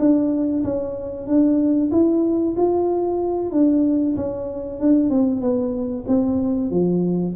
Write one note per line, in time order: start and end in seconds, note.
0.00 0.64 D4
0.64 1.27 C#4
1.27 1.91 D4
1.92 2.56 E4
2.57 3.52 F4
3.52 4.16 D4
4.16 4.80 C#4
4.80 5.10 D4
5.10 5.41 C4
5.41 6.05 B3
6.08 6.71 C4
6.71 7.35 F3